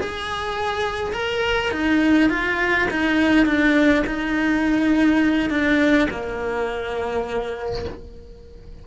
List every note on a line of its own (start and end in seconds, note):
0.00 1.13 G#4
1.13 1.72 A#4
1.72 2.30 D#4
2.30 2.88 F4
2.91 3.46 D#4
3.46 4.04 D4
4.07 5.50 D#4
5.50 6.08 D4
6.11 7.85 A#3